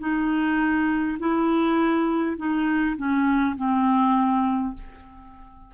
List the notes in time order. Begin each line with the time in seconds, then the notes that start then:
0.00 D#4
1.19 E4
2.37 D#4
2.97 C#4
3.57 C4